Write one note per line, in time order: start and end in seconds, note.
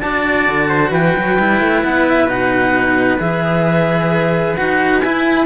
0.00 0.48 D4
0.00 1.38 F#4
0.00 0.69 D5
0.00 0.91 A5
0.48 0.91 D3
0.69 0.91 C5
0.91 1.14 E3
0.91 5.46 B4
0.91 1.84 G5
1.17 1.38 F#3
1.38 1.61 G3
1.38 2.28 E4
1.61 1.84 A3
1.84 2.25 B3
1.84 2.07 F#5
2.08 2.29 E5
2.25 3.16 B2
2.25 3.19 D#4
2.25 3.20 F#5
3.20 4.57 E3
3.20 4.56 G#4
3.20 4.56 E5
4.56 5.05 D#4
4.56 5.02 F#4
4.56 5.00 F#5
5.00 5.46 E4
5.00 5.45 G#5